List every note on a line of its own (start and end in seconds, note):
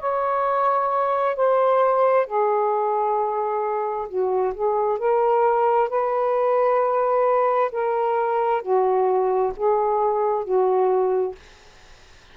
0.00 1.36 C#5
1.36 2.27 C5
2.27 4.09 G#4
4.09 4.54 F#4
4.55 4.99 G#4
4.99 5.90 A#4
5.90 7.71 B4
7.72 8.62 A#4
8.62 9.53 F#4
9.57 10.45 G#4
10.45 11.36 F#4